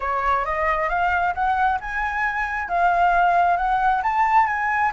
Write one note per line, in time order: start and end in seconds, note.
0.00 0.45 C#5
0.45 0.89 D#5
0.89 1.34 F5
1.34 1.79 F#5
1.80 2.68 G#5
2.68 3.56 F5
3.56 4.01 F#5
4.02 4.47 A5
4.47 4.91 G#5